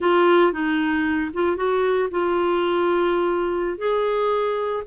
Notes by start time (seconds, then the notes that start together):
0.00 F4
0.52 D#4
1.33 F4
1.56 F#4
2.11 F4
3.78 G#4